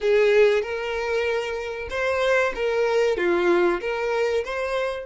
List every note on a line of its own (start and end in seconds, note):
0.00 0.62 G#4
0.62 1.88 A#4
1.90 2.53 C5
2.55 3.17 A#4
3.17 3.80 F4
3.81 4.44 A#4
4.44 5.05 C5